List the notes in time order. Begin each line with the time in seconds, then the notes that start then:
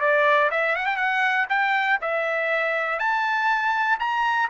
0.00 D5
0.50 E5
0.76 F#5
0.85 G5
0.96 F#5
1.49 G5
2.01 E5
2.99 A5
3.99 A#5